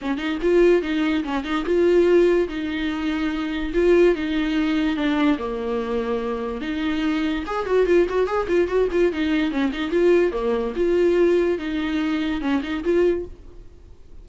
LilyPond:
\new Staff \with { instrumentName = "viola" } { \time 4/4 \tempo 4 = 145 cis'8 dis'8 f'4 dis'4 cis'8 dis'8 | f'2 dis'2~ | dis'4 f'4 dis'2 | d'4 ais2. |
dis'2 gis'8 fis'8 f'8 fis'8 | gis'8 f'8 fis'8 f'8 dis'4 cis'8 dis'8 | f'4 ais4 f'2 | dis'2 cis'8 dis'8 f'4 | }